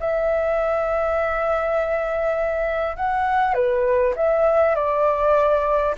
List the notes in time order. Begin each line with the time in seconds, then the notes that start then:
0.00 E5
2.96 F#5
3.54 B4
4.16 E5
4.75 D5